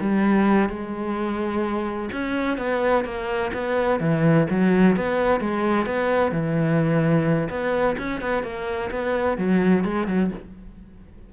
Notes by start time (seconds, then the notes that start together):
0.00 G3
0.69 G#3
2.12 C#4
2.58 B3
3.04 A#3
3.53 B3
4.00 E3
4.50 F#3
4.96 B3
5.40 G#3
5.86 B3
6.31 E3
7.49 B3
7.98 C#4
8.20 B3
8.43 A#3
8.91 B3
9.37 F#3
9.84 G#3
10.07 F#3